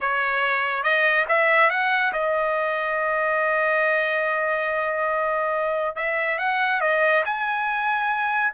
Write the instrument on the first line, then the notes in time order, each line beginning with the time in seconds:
trumpet
0.01 C#5
0.83 D#5
1.28 E5
1.70 F#5
2.13 D#5
5.96 E5
6.38 F#5
6.81 D#5
7.25 G#5